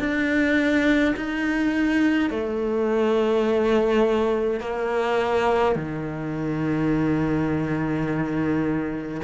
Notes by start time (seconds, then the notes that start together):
0.00 D4
1.16 D#4
2.31 A3
4.61 A#3
5.76 D#3